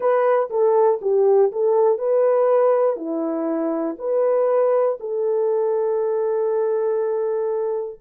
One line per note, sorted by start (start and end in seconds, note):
0.00 0.49 B4
0.50 1.00 A4
1.01 1.51 G4
1.51 1.98 A4
1.98 2.96 B4
2.96 3.96 E4
3.98 4.98 B4
5.00 8.00 A4